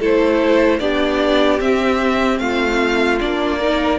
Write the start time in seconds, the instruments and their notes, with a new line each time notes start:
0.00 cello A3, viola E4, violin A4 C5
0.80 cello B3, viola D4, violin G4 D5
1.60 viola C4, cello C4, violin E5
2.39 cello A3, violin F4 F5
3.20 cello A#3, viola D4, violin D5
3.59 viola D#4, violin A#4